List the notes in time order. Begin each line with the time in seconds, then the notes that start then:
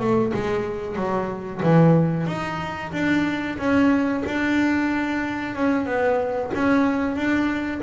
0.00 A3
0.34 G#3
0.96 F#3
1.62 E3
2.27 D#4
2.92 D4
3.58 C#4
4.25 D4
5.56 C#4
5.86 B3
6.54 C#4
7.16 D4